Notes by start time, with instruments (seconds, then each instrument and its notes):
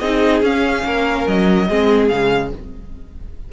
0.00 cello C4, viola D#4, violin G#4 D#5
0.42 cello C#4, viola C#4, violin F5
0.85 cello A#3, violin A#4
1.28 cello F#3, violin D#5
1.69 cello G#3, viola C4, violin G#4
2.09 cello C#3, viola G#3, violin F5